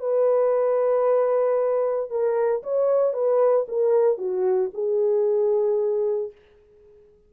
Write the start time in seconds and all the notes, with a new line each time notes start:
0.00 B4
2.10 A#4
2.63 C#5
3.13 B4
3.68 A#4
4.18 F#4
4.74 G#4